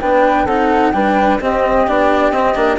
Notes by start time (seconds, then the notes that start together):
0.00 B3 D4 B4 G5
0.46 C4 D#4 A4 F#5
0.92 G3 D4 B4 G5
1.40 C4 G4 D#5
1.87 B3 D4 D5
2.31 C4 D#5
2.55 A#3 D4